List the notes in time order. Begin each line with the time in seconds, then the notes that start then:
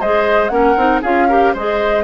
0.00 G#3 G#4 C5 D#5
0.49 A#3 C#4 A#4 F#5
0.76 C4 D#4
1.02 C#4 F4 G#4 F5
1.29 G4 A#4
1.53 G#3 G#4 C5 D#5